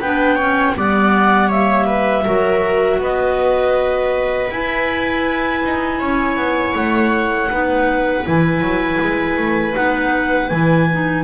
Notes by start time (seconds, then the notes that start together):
0.00 B3 D4 B4 G5
0.36 C#4 C#5
0.76 G3 B3 D5 F#5
1.48 A#3 C#5 E5
1.86 B4
2.25 F#3 F#4 A#4
2.99 B3 B4 D#5
4.50 E4 G#5
5.64 D#4
5.99 C#4 C#5
6.37 B3
6.75 A3 F#5
7.50 B3 D#4 B4
8.25 E3 E4 G#5
8.61 F#3
9.02 G#3
9.38 A3
9.74 B3 D#4 F#5
10.49 E3 E4 G#5
10.93 D#4